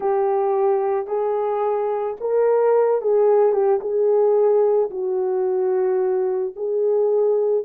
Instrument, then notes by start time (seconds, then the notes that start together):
horn
0.00 G4
1.07 G#4
2.20 A#4
3.01 G#4
3.52 G4
3.80 G#4
4.90 F#4
6.56 G#4